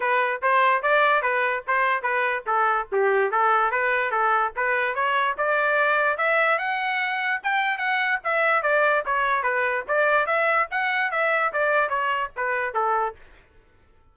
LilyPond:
\new Staff \with { instrumentName = "trumpet" } { \time 4/4 \tempo 4 = 146 b'4 c''4 d''4 b'4 | c''4 b'4 a'4 g'4 | a'4 b'4 a'4 b'4 | cis''4 d''2 e''4 |
fis''2 g''4 fis''4 | e''4 d''4 cis''4 b'4 | d''4 e''4 fis''4 e''4 | d''4 cis''4 b'4 a'4 | }